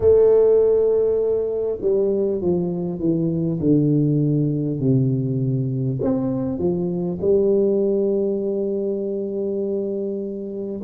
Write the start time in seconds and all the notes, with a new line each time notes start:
0.00 A3
1.81 G3
2.41 F3
2.99 E3
3.60 D3
4.79 C3
6.01 C4
6.58 F3
7.21 G3